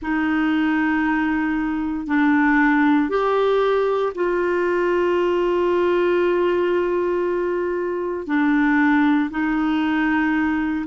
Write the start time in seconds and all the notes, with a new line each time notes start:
0.02 D#4
2.06 D4
3.09 G4
4.14 F4
8.26 D4
9.30 D#4